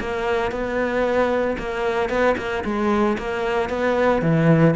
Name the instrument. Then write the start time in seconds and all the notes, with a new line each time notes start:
cello
0.00 A#3
0.51 B3
1.58 A#3
2.09 B3
2.37 A#3
2.64 G#3
3.18 A#3
3.69 B3
4.22 E3